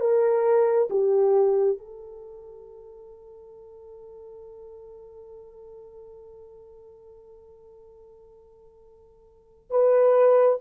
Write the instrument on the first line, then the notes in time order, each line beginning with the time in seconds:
horn
0.00 A#4
0.90 G4
1.78 A4
9.70 B4